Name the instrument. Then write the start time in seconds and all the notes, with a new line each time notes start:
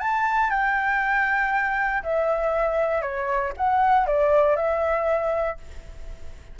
flute
0.00 A5
0.50 G5
2.03 E5
3.02 C#5
3.57 F#5
4.07 D5
4.57 E5